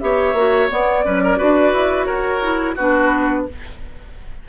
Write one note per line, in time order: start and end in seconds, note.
0.00 0.34 B3
0.00 0.36 G4
0.00 1.05 C#5
0.00 0.69 E5
0.34 0.68 A#3
0.34 0.69 F#4
0.69 1.04 B3
0.69 2.04 D5
1.04 1.37 F#3
1.04 1.39 C#4
1.04 1.23 B4
1.24 1.38 A#4
1.37 1.73 D4
1.37 2.40 F#4
1.37 2.06 B4
1.73 2.07 E4
2.04 2.78 F#4
2.04 2.75 A#4
2.04 2.73 C#5
2.42 2.76 E4
2.76 3.47 B3
2.76 3.49 D4
2.76 3.45 F#4
2.76 3.46 B4